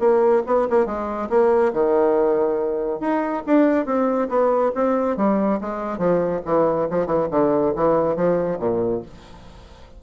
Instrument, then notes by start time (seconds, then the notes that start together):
bassoon
0.00 A#3
0.47 B3
0.70 A#3
0.86 G#3
1.30 A#3
1.74 D#3
3.01 D#4
3.47 D4
3.86 C4
4.29 B3
4.75 C4
5.17 G3
5.61 G#3
5.98 F3
6.46 E3
6.91 F3
7.07 E3
7.31 D3
7.76 E3
8.17 F3
8.60 A#2